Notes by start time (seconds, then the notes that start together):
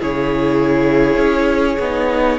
0.00 C#3 E4 G#4 C#5
1.17 C#4
1.79 B3 D#4